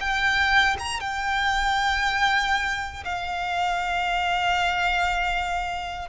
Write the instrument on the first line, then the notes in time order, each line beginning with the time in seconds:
violin
0.00 G5
0.79 A#5
1.00 G5
3.04 F5